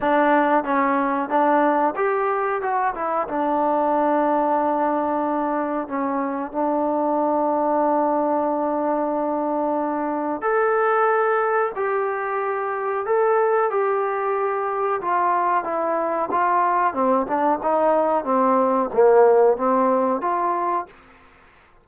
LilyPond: \new Staff \with { instrumentName = "trombone" } { \time 4/4 \tempo 4 = 92 d'4 cis'4 d'4 g'4 | fis'8 e'8 d'2.~ | d'4 cis'4 d'2~ | d'1 |
a'2 g'2 | a'4 g'2 f'4 | e'4 f'4 c'8 d'8 dis'4 | c'4 ais4 c'4 f'4 | }